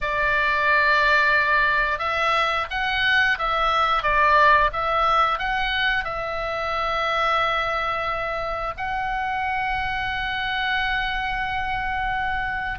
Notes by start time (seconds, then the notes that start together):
0.01 D5
1.99 E5
2.70 F#5
3.38 E5
4.03 D5
4.73 E5
5.38 F#5
6.04 E5
8.77 F#5